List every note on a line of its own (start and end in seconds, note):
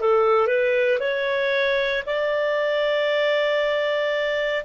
0.00 0.47 A4
0.47 0.99 B4
1.00 2.03 C#5
2.06 4.65 D5